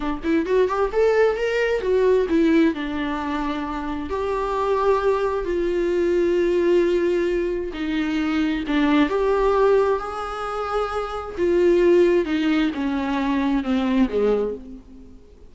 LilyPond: \new Staff \with { instrumentName = "viola" } { \time 4/4 \tempo 4 = 132 d'8 e'8 fis'8 g'8 a'4 ais'4 | fis'4 e'4 d'2~ | d'4 g'2. | f'1~ |
f'4 dis'2 d'4 | g'2 gis'2~ | gis'4 f'2 dis'4 | cis'2 c'4 gis4 | }